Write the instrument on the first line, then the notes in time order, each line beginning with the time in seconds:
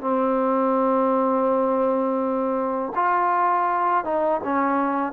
trombone
0.00 C4
2.95 F4
4.04 D#4
4.44 C#4